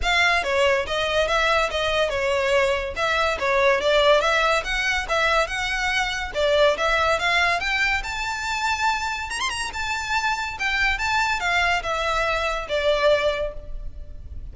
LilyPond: \new Staff \with { instrumentName = "violin" } { \time 4/4 \tempo 4 = 142 f''4 cis''4 dis''4 e''4 | dis''4 cis''2 e''4 | cis''4 d''4 e''4 fis''4 | e''4 fis''2 d''4 |
e''4 f''4 g''4 a''4~ | a''2 ais''16 c'''16 ais''8 a''4~ | a''4 g''4 a''4 f''4 | e''2 d''2 | }